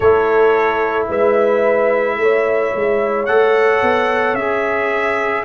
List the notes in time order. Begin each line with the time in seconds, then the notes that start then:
0.00 A3 E4 A4 C#5
1.08 G#3 B4 E5
2.16 A3 C#5
2.74 G#3
3.25 A3 A4 F#5
3.82 B3
4.33 C#4 G#4 E5